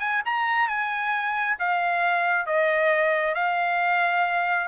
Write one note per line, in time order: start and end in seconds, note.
0.00 0.22 G#5
0.25 0.68 A#5
0.68 1.57 G#5
1.59 2.46 F5
2.46 3.35 D#5
3.35 4.68 F5